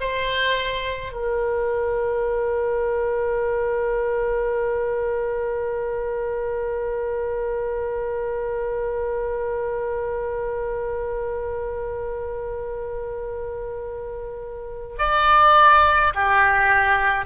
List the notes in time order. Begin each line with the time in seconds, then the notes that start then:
0.00 C5
1.12 A#4
14.98 D5
16.14 G4